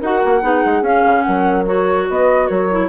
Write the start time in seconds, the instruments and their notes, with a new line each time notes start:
0.00 bassoon D#4, clarinet F#4, horn A#4, flute F#5
0.25 bassoon A#3
0.41 bassoon B3, clarinet D#4, horn G#4
0.65 bassoon G#3
0.82 bassoon C#4, clarinet C#4, flute F5
1.05 bassoon C#3
1.22 bassoon F#3, horn A#4, flute F#5
1.66 clarinet F#4, flute C#5
2.09 bassoon B3, horn B4, flute D#5
2.46 bassoon F#3, horn A#4, flute C#5
2.70 clarinet E4